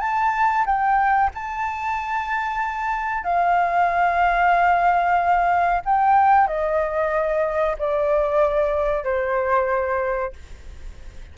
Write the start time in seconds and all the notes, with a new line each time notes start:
0.00 A5
0.65 G5
1.34 A5
3.23 F5
5.85 G5
6.47 D#5
7.78 D5
9.04 C5